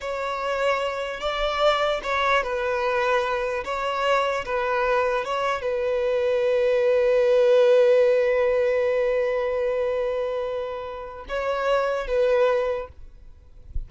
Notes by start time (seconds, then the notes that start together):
0.00 C#5
1.20 D5
2.03 C#5
2.43 B4
3.64 C#5
4.45 B4
5.25 C#5
5.61 B4
11.28 C#5
12.07 B4